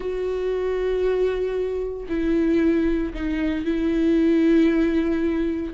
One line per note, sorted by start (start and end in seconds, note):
0.00 2.06 F#4
2.09 3.13 E4
3.13 3.65 D#4
3.65 5.73 E4